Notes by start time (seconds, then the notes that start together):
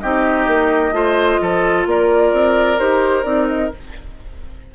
0.00 C4 D#4 G4 D#5
0.47 A#3
0.92 A3 F4 C5
1.41 F3 A4
1.86 A#3 A#4 D5
2.32 C4
2.78 D#4 G4 C5
3.23 C4 D#4 D5
3.48 D#5